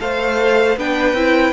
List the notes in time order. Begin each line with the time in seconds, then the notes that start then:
0.00 A3 A4 C5 F5
0.76 B3 D4 B4 G5
1.13 C4 E4